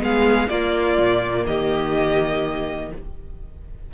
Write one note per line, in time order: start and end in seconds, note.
0.00 0.50 G#3
0.00 0.48 B3
0.00 0.50 G#4
0.00 0.49 F5
0.49 0.98 A#3
0.49 2.93 A#3
0.49 1.46 F4
0.49 1.45 D5
0.98 1.46 A#2
1.46 2.92 D#3
1.46 2.92 G4
1.46 2.92 D#5